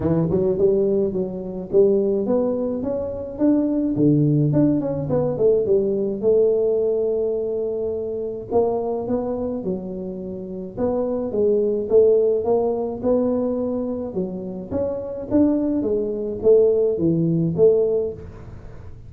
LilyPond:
\new Staff \with { instrumentName = "tuba" } { \time 4/4 \tempo 4 = 106 e8 fis8 g4 fis4 g4 | b4 cis'4 d'4 d4 | d'8 cis'8 b8 a8 g4 a4~ | a2. ais4 |
b4 fis2 b4 | gis4 a4 ais4 b4~ | b4 fis4 cis'4 d'4 | gis4 a4 e4 a4 | }